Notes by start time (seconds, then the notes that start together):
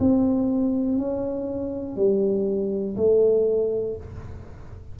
0.00 C4
0.98 C#4
1.96 G3
2.96 A3